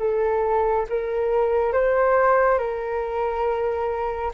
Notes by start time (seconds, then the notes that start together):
0.00 A4
0.90 A#4
1.73 C5
2.59 A#4